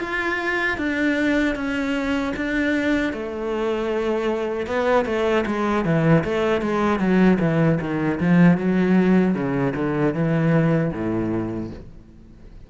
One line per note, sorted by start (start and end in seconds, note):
0.00 0.78 F4
0.78 1.55 D4
1.55 2.33 C#4
2.36 3.13 D4
3.13 4.66 A3
4.66 5.05 B3
5.05 5.44 A3
5.46 5.85 G#3
5.85 6.24 E3
6.24 6.62 A3
6.62 7.00 G#3
7.00 7.38 F#3
7.40 7.79 E3
7.80 8.19 D#3
8.20 8.57 F3
8.57 9.34 F#3
9.34 9.73 C#3
9.75 10.14 D3
10.14 10.92 E3
10.92 11.70 A2